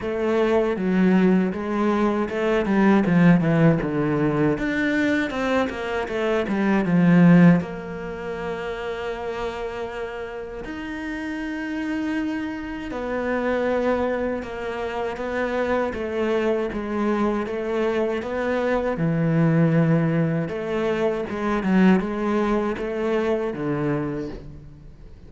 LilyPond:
\new Staff \with { instrumentName = "cello" } { \time 4/4 \tempo 4 = 79 a4 fis4 gis4 a8 g8 | f8 e8 d4 d'4 c'8 ais8 | a8 g8 f4 ais2~ | ais2 dis'2~ |
dis'4 b2 ais4 | b4 a4 gis4 a4 | b4 e2 a4 | gis8 fis8 gis4 a4 d4 | }